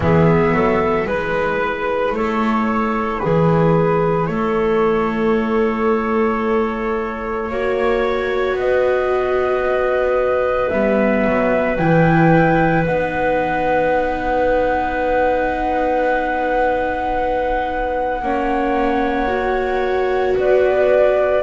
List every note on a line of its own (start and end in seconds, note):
0.00 0.53 E3
0.00 1.05 B3
0.00 0.54 G#4
0.00 1.08 E5
0.53 1.05 F#3
0.53 1.07 A4
1.05 2.11 G#3
1.05 7.48 E4
1.05 2.14 B4
1.05 2.15 B4
2.11 3.19 A3
2.11 3.22 A4
2.11 3.19 C#5
3.19 4.28 E3
3.19 4.29 G#4
3.19 4.26 B4
4.26 7.49 A3
4.26 7.51 A4
4.26 8.55 C#5
7.49 8.53 A#3
7.49 10.71 F#4
7.49 8.58 C#5
8.53 10.67 B3
8.53 18.23 B4
8.53 10.69 D#5
10.69 11.25 G3
10.69 11.78 B3
10.69 11.76 E5
11.26 11.78 F#3
11.76 12.85 E3
11.76 12.86 E4
11.76 12.83 G5
12.85 18.21 B3
12.85 18.22 D#4
12.85 20.35 F#5
18.21 20.35 A#3
18.21 19.27 C#4
18.21 20.36 C#5
19.27 21.42 F#4
20.36 21.42 B3
20.36 21.42 B4
20.36 21.42 D5